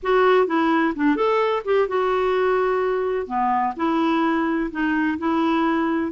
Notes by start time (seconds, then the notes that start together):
0.02 F#4
0.47 E4
0.95 D4
1.16 A4
1.64 G4
1.87 F#4
3.26 B3
3.76 E4
4.71 D#4
5.18 E4